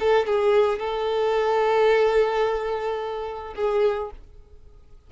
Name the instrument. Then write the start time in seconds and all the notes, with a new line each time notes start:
violin
0.00 A4
0.27 G#4
0.80 A4
3.56 G#4